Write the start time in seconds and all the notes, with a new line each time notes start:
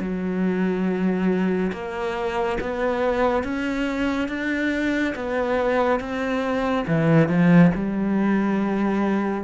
0.00 F#3
1.72 A#3
2.60 B3
3.44 C#4
4.28 D4
5.15 B3
6.00 C4
6.87 E3
7.28 F3
7.75 G3